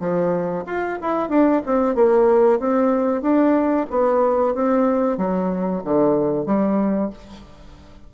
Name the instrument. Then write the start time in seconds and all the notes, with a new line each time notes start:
bassoon
0.00 F3
0.67 F4
1.01 E4
1.29 D4
1.66 C4
1.95 A#3
2.60 C4
3.22 D4
3.90 B3
4.55 C4
5.18 F#3
5.84 D3
6.46 G3